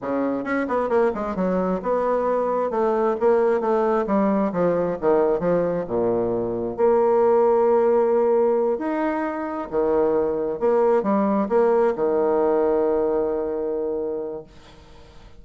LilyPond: \new Staff \with { instrumentName = "bassoon" } { \time 4/4 \tempo 4 = 133 cis4 cis'8 b8 ais8 gis8 fis4 | b2 a4 ais4 | a4 g4 f4 dis4 | f4 ais,2 ais4~ |
ais2.~ ais8 dis'8~ | dis'4. dis2 ais8~ | ais8 g4 ais4 dis4.~ | dis1 | }